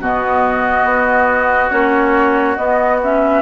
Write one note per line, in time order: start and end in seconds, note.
0.00 0.84 B2
0.00 1.71 B3
0.00 3.42 F#4
0.00 1.71 D#5
0.84 1.70 B3
1.71 2.58 A#3
1.71 2.57 C#4
1.71 2.56 C#5
2.57 3.00 B3
2.57 3.42 B3
2.57 3.00 D#5
3.03 3.42 C#4
3.03 3.42 E5